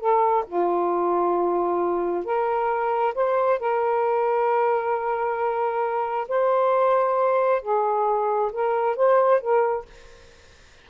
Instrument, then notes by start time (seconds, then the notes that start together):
saxophone
0.00 A4
0.47 F4
2.25 A#4
3.15 C5
3.60 A#4
6.28 C5
7.62 G#4
8.52 A#4
8.97 C5
9.41 A#4